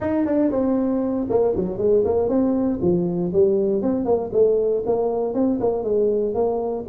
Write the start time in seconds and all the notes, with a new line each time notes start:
0.00 D#4
0.25 D4
0.51 C4
1.29 A#3
1.55 F#3
1.78 G#3
2.04 A#3
2.29 C4
2.81 F3
3.32 G3
3.81 C4
4.05 A#3
4.32 A3
4.86 A#3
5.34 C4
5.60 A#3
5.83 G#3
6.34 A#3